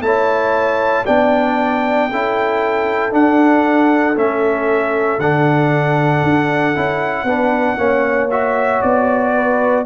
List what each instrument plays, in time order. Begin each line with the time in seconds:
0.00 tuba A3, trombone E4, horn C#5, trumpet A5
1.05 tuba B3, trombone D4, horn D5, trumpet G5
2.10 tuba C#4, trombone E4, horn A4
3.11 trombone D4, tuba D4, trumpet F#5
4.16 tuba A3, trombone C#4, trumpet E5
5.18 tuba D3, trombone D4, trumpet F#5
6.23 tuba D4
6.75 tuba C#4, trombone E4
7.24 tuba B3, trombone D4, horn B4
7.77 tuba A#3, trombone C#4, horn C#5
8.31 trombone F#4, trumpet E5
8.82 tuba B3, trumpet D5
9.34 horn B4